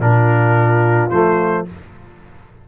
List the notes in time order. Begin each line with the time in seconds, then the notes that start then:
0.00 A#2 D4 F4 A#4
1.10 F3 A3 C5